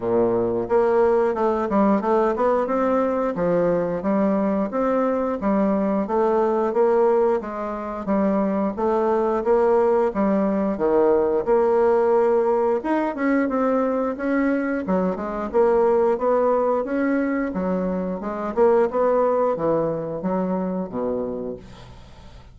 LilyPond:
\new Staff \with { instrumentName = "bassoon" } { \time 4/4 \tempo 4 = 89 ais,4 ais4 a8 g8 a8 b8 | c'4 f4 g4 c'4 | g4 a4 ais4 gis4 | g4 a4 ais4 g4 |
dis4 ais2 dis'8 cis'8 | c'4 cis'4 fis8 gis8 ais4 | b4 cis'4 fis4 gis8 ais8 | b4 e4 fis4 b,4 | }